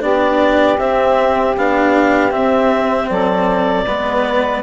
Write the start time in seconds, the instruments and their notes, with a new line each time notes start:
0.00 bassoon B3, cello D4, saxophone G4, clarinet D5
0.78 bassoon C4, cello C4, clarinet E5
1.57 bassoon B3, cello D4, clarinet F5
2.31 cello C4, bassoon C4, clarinet E5
3.09 bassoon F#3, saxophone A4, clarinet D5
3.84 bassoon G#3, cello B3, saxophone B4